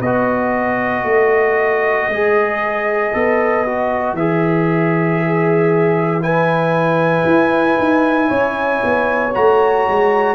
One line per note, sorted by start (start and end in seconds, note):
0.00 1.03 B3
0.00 2.12 F#4
0.00 5.17 B4
0.00 4.15 D#5
1.03 2.07 A3
2.08 3.12 G#3
2.08 3.13 G#4
3.13 4.13 B3
3.13 3.65 A4
3.66 4.17 F#4
4.13 7.23 E3
4.13 6.20 G#4
4.13 6.22 E5
5.17 6.20 G#4
6.20 9.31 E4
6.20 8.28 B4
6.20 9.33 G#5
7.25 7.77 E4
7.78 8.30 D#4
8.28 8.82 C#4
8.28 10.34 C#5
8.83 9.35 B3
9.34 9.87 A3
9.34 10.34 F#4
9.34 10.34 A#5
9.87 10.34 G#3